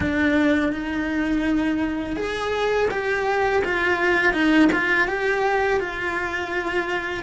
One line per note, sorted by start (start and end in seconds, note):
0.00 0.72 D4
0.72 2.16 D#4
2.16 2.88 G#4
2.90 3.62 G4
3.64 4.33 F4
4.33 4.69 D#4
4.72 5.07 F4
5.07 5.80 G4
5.80 7.23 F4